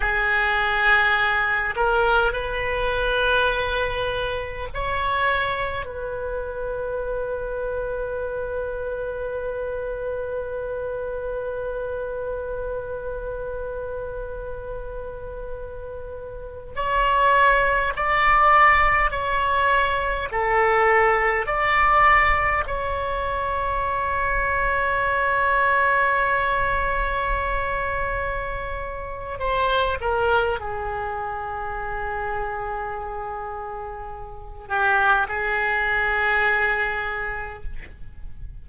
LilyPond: \new Staff \with { instrumentName = "oboe" } { \time 4/4 \tempo 4 = 51 gis'4. ais'8 b'2 | cis''4 b'2.~ | b'1~ | b'2~ b'16 cis''4 d''8.~ |
d''16 cis''4 a'4 d''4 cis''8.~ | cis''1~ | cis''4 c''8 ais'8 gis'2~ | gis'4. g'8 gis'2 | }